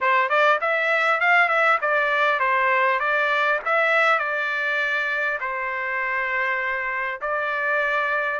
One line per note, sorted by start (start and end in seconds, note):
0.01 0.29 C5
0.29 0.59 D5
0.60 1.20 E5
1.20 1.48 F5
1.48 1.78 E5
1.81 2.39 D5
2.39 2.99 C5
2.99 3.59 D5
3.65 4.18 E5
4.18 5.38 D5
5.40 7.20 C5
7.21 8.40 D5